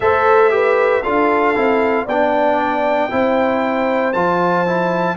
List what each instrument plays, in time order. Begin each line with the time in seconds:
0.00 tuba A3, trombone A4, horn C5, trumpet E5
0.50 trombone G4, horn B4
1.02 tuba D4, trombone F4, horn A4, trumpet F5
1.55 tuba C4, trombone E4
2.05 tuba B3, trombone D4, horn D5, trumpet G5
3.10 tuba C4, trombone E4, horn C5
4.12 tuba F3, trombone F4, trumpet A5
4.67 trombone E4